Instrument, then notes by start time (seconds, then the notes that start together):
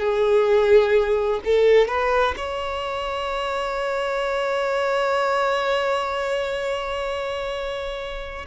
violin
0.00 G#4
1.45 A4
1.88 B4
2.37 C#5